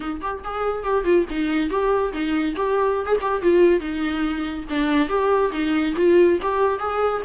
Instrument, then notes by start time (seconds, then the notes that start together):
viola
0.00 D#4
0.21 G4
0.44 G#4
0.83 G4
1.04 F4
1.29 D#4
1.69 G4
2.12 D#4
2.55 G4
3.05 G#4
3.21 G4
3.42 F4
3.79 D#4
4.69 D4
5.09 G4
5.51 D#4
5.96 F4
6.42 G4
6.79 G#4